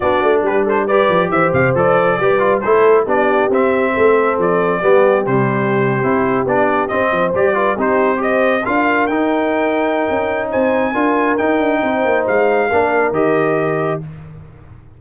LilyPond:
<<
  \new Staff \with { instrumentName = "trumpet" } { \time 4/4 \tempo 4 = 137 d''4 b'8 c''8 d''4 e''8 f''8 | d''2 c''4 d''4 | e''2 d''2 | c''2~ c''8. d''4 dis''16~ |
dis''8. d''4 c''4 dis''4 f''16~ | f''8. g''2.~ g''16 | gis''2 g''2 | f''2 dis''2 | }
  \new Staff \with { instrumentName = "horn" } { \time 4/4 fis'4 g'8 a'8 b'4 c''4~ | c''4 b'4 a'4 g'4~ | g'4 a'2 g'4~ | g'1~ |
g'16 c''4 b'8 g'4 c''4 ais'16~ | ais'1 | c''4 ais'2 c''4~ | c''4 ais'2. | }
  \new Staff \with { instrumentName = "trombone" } { \time 4/4 d'2 g'2 | a'4 g'8 f'8 e'4 d'4 | c'2. b4 | g4.~ g16 e'4 d'4 c'16~ |
c'8. g'8 f'8 dis'4 g'4 f'16~ | f'8. dis'2.~ dis'16~ | dis'4 f'4 dis'2~ | dis'4 d'4 g'2 | }
  \new Staff \with { instrumentName = "tuba" } { \time 4/4 b8 a8 g4. f8 e8 c8 | f4 g4 a4 b4 | c'4 a4 f4 g4 | c4.~ c16 c'4 b4 c'16~ |
c'16 f8 g4 c'2 d'16~ | d'8. dis'2~ dis'16 cis'4 | c'4 d'4 dis'8 d'8 c'8 ais8 | gis4 ais4 dis2 | }
>>